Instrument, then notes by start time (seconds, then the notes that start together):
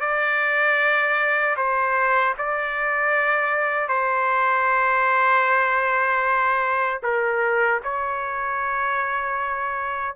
trumpet
0.00 D5
1.57 C5
2.38 D5
3.88 C5
7.03 A#4
7.83 C#5